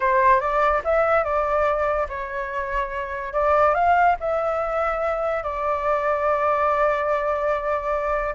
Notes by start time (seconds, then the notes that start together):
0.00 C5
0.40 D5
0.84 E5
1.23 D5
2.08 C#5
3.33 D5
3.74 F5
4.20 E5
5.43 D5